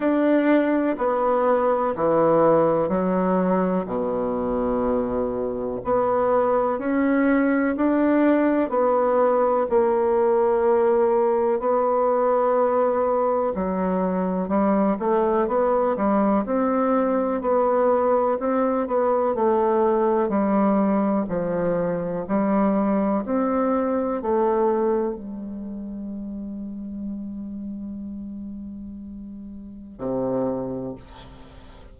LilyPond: \new Staff \with { instrumentName = "bassoon" } { \time 4/4 \tempo 4 = 62 d'4 b4 e4 fis4 | b,2 b4 cis'4 | d'4 b4 ais2 | b2 fis4 g8 a8 |
b8 g8 c'4 b4 c'8 b8 | a4 g4 f4 g4 | c'4 a4 g2~ | g2. c4 | }